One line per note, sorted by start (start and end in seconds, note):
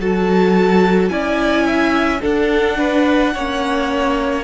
0.00 1.10 F#3
0.00 1.10 F#4
0.00 1.12 A4
0.00 1.09 A5
1.09 2.21 C#4
1.09 2.21 E4
1.09 1.66 D5
1.09 2.20 G#5
1.66 2.22 E5
2.22 3.33 D4
2.22 3.35 D4
2.22 2.77 A4
2.22 4.44 F#5
2.78 3.34 B4
3.34 4.44 A#3
3.34 4.44 C#4
3.34 4.44 C#5